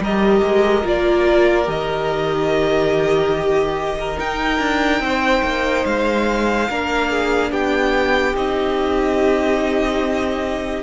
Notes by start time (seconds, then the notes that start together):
0.00 G3 G4 A#4 D#5
0.43 G#3
0.84 A#3 F4 D5
1.65 D#3 G4 D#5
3.36 G4
3.99 A#4
4.17 D#4 G5
4.59 D4
5.00 C4 C5
5.43 A#3
5.85 G#3 F5
6.69 A#3 D4 A#4
7.11 G#4
7.51 B3 G4 G5
8.35 C4 D#4 D#5